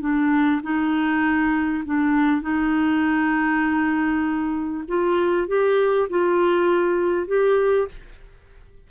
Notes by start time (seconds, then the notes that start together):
0.00 D4
0.62 D#4
1.85 D4
2.41 D#4
4.88 F4
5.47 G4
6.09 F4
7.27 G4